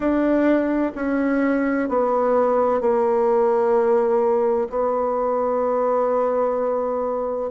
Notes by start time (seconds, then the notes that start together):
0.00 D4
0.95 C#4
1.88 B3
2.80 A#3
4.69 B3